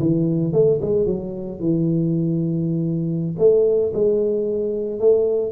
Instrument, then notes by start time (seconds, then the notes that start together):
tuba
0.00 E3
0.53 A3
0.82 G#3
1.07 F#3
1.60 E3
3.39 A3
3.94 G#3
5.00 A3